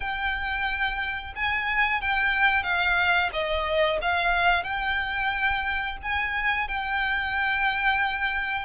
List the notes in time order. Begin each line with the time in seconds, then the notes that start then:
0.00 G5
1.35 G#5
2.01 G5
2.63 F5
3.32 D#5
4.01 F5
4.63 G5
6.02 G#5
6.68 G5